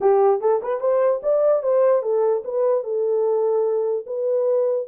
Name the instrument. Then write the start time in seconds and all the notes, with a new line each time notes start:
horn
0.00 G4
0.40 A4
0.62 B4
0.80 C5
1.22 D5
1.62 C5
2.02 A4
2.44 B4
2.83 A4
4.06 B4